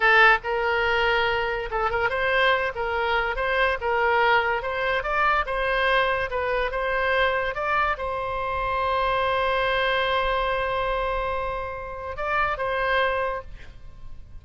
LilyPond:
\new Staff \with { instrumentName = "oboe" } { \time 4/4 \tempo 4 = 143 a'4 ais'2. | a'8 ais'8 c''4. ais'4. | c''4 ais'2 c''4 | d''4 c''2 b'4 |
c''2 d''4 c''4~ | c''1~ | c''1~ | c''4 d''4 c''2 | }